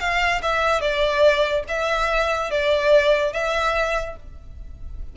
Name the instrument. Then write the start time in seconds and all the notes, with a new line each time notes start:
violin
0.00 F5
0.42 E5
0.81 D5
1.68 E5
2.51 D5
3.33 E5